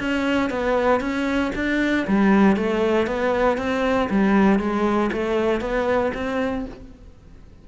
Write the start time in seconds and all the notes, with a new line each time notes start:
0.00 C#4
0.50 B3
1.01 C#4
1.55 D4
2.07 G3
2.57 A3
3.07 B3
3.58 C4
4.10 G3
4.59 G#3
5.13 A3
5.61 B3
6.14 C4